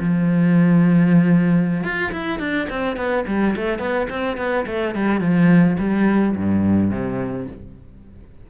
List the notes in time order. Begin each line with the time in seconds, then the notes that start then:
0.00 F3
1.83 F4
2.12 E4
2.39 D4
2.70 C4
2.97 B3
3.27 G3
3.56 A3
3.79 B3
4.10 C4
4.37 B3
4.66 A3
4.95 G3
5.20 F3
5.79 G3
6.36 G2
6.91 C3